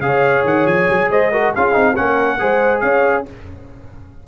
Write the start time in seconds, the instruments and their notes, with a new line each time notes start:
0.00 tuba C#3, trombone G#4, trumpet F5
0.06 horn C#5
0.44 tuba D#3, trumpet F#5
0.66 tuba F3, trumpet G#5
0.90 tuba F#3
1.11 tuba G#3, horn C5, trumpet D#5
1.32 trombone F#4, horn A#4
1.53 tuba C#4, trombone F4, horn G#4, trumpet F5
1.72 tuba C4, trombone D#4
1.96 tuba A#3, trombone C#4, horn A#4, trumpet F#5
2.39 tuba G#3, trombone G#4, horn C5
2.81 tuba C#4, horn C#5, trumpet F5